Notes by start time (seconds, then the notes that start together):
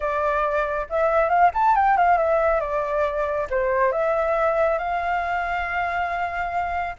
0.00 D5
0.89 E5
1.29 F5
1.54 A5
1.75 G5
1.97 F5
2.17 E5
2.60 D5
3.50 C5
3.92 E5
4.78 F5